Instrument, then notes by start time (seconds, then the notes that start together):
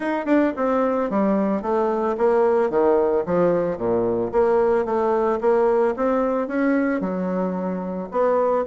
bassoon
0.00 D#4
0.25 D4
0.56 C4
1.10 G3
1.62 A3
2.17 A#3
2.70 D#3
3.26 F3
3.77 A#2
4.32 A#3
4.85 A3
5.40 A#3
5.96 C4
6.47 C#4
7.00 F#3
8.11 B3